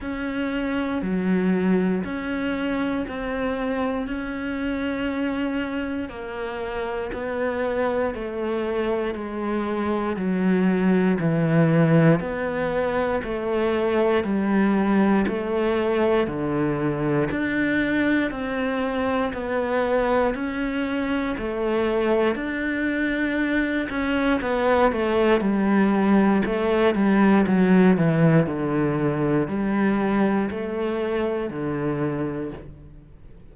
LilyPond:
\new Staff \with { instrumentName = "cello" } { \time 4/4 \tempo 4 = 59 cis'4 fis4 cis'4 c'4 | cis'2 ais4 b4 | a4 gis4 fis4 e4 | b4 a4 g4 a4 |
d4 d'4 c'4 b4 | cis'4 a4 d'4. cis'8 | b8 a8 g4 a8 g8 fis8 e8 | d4 g4 a4 d4 | }